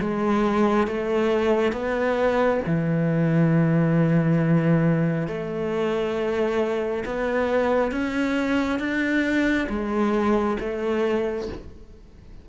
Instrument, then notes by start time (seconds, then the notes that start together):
cello
0.00 G#3
0.87 A3
1.72 B3
2.66 E3
5.27 A3
7.05 B3
7.92 C#4
8.79 D4
9.69 G#3
10.60 A3